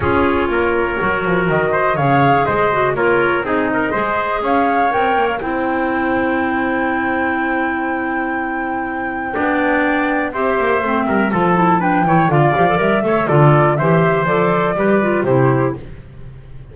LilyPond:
<<
  \new Staff \with { instrumentName = "flute" } { \time 4/4 \tempo 4 = 122 cis''2. dis''4 | f''4 dis''4 cis''4 dis''4~ | dis''4 f''4 g''8. f''16 g''4~ | g''1~ |
g''1~ | g''4 e''2 a''4 | g''4 f''4 e''4 d''4 | e''4 d''2 c''4 | }
  \new Staff \with { instrumentName = "trumpet" } { \time 4/4 gis'4 ais'2~ ais'8 c''8 | cis''4 c''4 ais'4 gis'8 ais'8 | c''4 cis''2 c''4~ | c''1~ |
c''2. d''4~ | d''4 c''4. ais'8 a'4 | b'8 cis''8 d''4. cis''8 a'4 | c''2 b'4 g'4 | }
  \new Staff \with { instrumentName = "clarinet" } { \time 4/4 f'2 fis'2 | gis'4. fis'8 f'4 dis'4 | gis'2 ais'4 e'4~ | e'1~ |
e'2. d'4~ | d'4 g'4 c'4 f'8 e'8 | d'8 e'8 f'8 g'16 a'16 ais'8 a'8 f'4 | g'4 a'4 g'8 f'8 e'4 | }
  \new Staff \with { instrumentName = "double bass" } { \time 4/4 cis'4 ais4 fis8 f8 dis4 | cis4 gis4 ais4 c'4 | gis4 cis'4 c'8 ais8 c'4~ | c'1~ |
c'2. b4~ | b4 c'8 ais8 a8 g8 f4~ | f8 e8 d8 f8 g8 a8 d4 | e4 f4 g4 c4 | }
>>